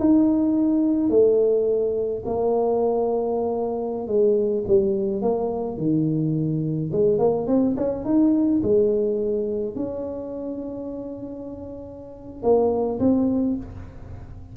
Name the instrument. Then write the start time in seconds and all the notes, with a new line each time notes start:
tuba
0.00 D#4
1.10 A3
2.26 A#3
4.08 G#3
4.68 G3
5.22 A#3
5.78 D#3
6.93 G#3
7.19 A#3
7.48 C4
7.77 C#4
8.05 D#4
8.63 G#3
9.76 C#4
12.43 A#3
13.00 C4